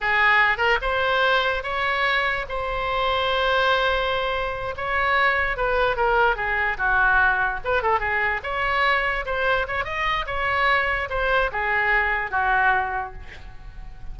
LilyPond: \new Staff \with { instrumentName = "oboe" } { \time 4/4 \tempo 4 = 146 gis'4. ais'8 c''2 | cis''2 c''2~ | c''2.~ c''8 cis''8~ | cis''4. b'4 ais'4 gis'8~ |
gis'8 fis'2 b'8 a'8 gis'8~ | gis'8 cis''2 c''4 cis''8 | dis''4 cis''2 c''4 | gis'2 fis'2 | }